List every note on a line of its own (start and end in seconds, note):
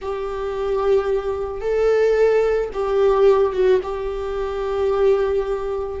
0.01 1.61 G4
1.61 2.70 A4
2.73 3.52 G4
3.52 3.80 F#4
3.83 6.00 G4